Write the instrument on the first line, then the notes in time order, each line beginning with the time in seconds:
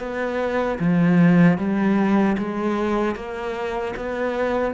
cello
0.00 B3
0.80 F3
1.58 G3
2.38 G#3
3.16 A#3
3.97 B3